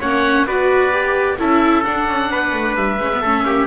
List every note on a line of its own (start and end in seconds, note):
0.00 0.45 A#3
0.00 0.48 C#4
0.00 0.46 C#5
0.00 0.47 F#5
0.45 1.37 B3
0.45 0.92 F#4
0.45 1.39 B4
0.45 1.38 D5
0.92 1.37 G4
1.39 1.85 C#4
1.39 1.84 E4
1.39 2.31 A4
1.39 1.84 E5
1.84 2.98 D4
1.84 2.08 D4
1.84 2.76 F#5
2.08 2.30 C#4
2.30 2.53 B3
2.30 3.21 B4
2.53 2.75 A3
2.75 2.98 G3
2.75 3.67 E5
2.98 3.21 G#3
2.98 3.12 C#4
3.13 3.24 B3
3.21 3.43 A3
3.21 3.67 C#4
3.21 3.44 A4
3.43 3.66 A#3
3.43 3.67 G4